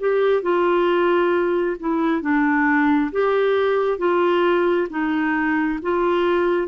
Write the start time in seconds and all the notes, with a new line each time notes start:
0.00 G4
0.43 F4
1.80 E4
2.22 D4
3.12 G4
3.99 F4
4.90 D#4
5.82 F4